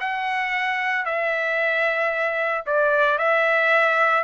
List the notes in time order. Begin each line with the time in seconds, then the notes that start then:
0.00 F#5
1.05 E5
2.66 D5
3.18 E5